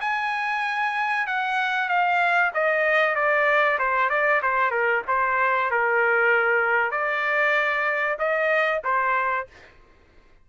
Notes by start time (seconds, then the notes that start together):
0.00 G#5
1.26 F#5
1.88 F5
2.53 D#5
3.15 D5
3.78 C5
4.09 D5
4.42 C5
4.71 A#4
5.07 C5
5.70 A#4
6.91 D5
8.18 D#5
8.84 C5